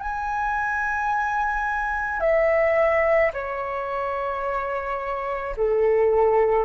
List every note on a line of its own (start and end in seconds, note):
0.00 2.21 G#5
2.21 3.32 E5
3.33 5.56 C#5
5.57 6.66 A4